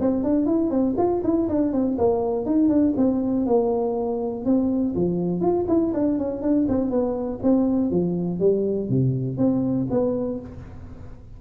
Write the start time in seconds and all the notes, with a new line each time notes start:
0.00 C4
0.24 D4
0.46 E4
0.71 C4
0.98 F4
1.24 E4
1.49 D4
1.72 C4
1.98 A#3
2.46 D#4
2.69 D4
2.97 C4
3.46 A#3
4.45 C4
4.95 F3
5.41 F4
5.68 E4
5.94 D4
6.18 C#4
6.42 D4
6.69 C4
6.90 B3
7.43 C4
7.91 F3
8.40 G3
8.89 C3
9.38 C4
9.90 B3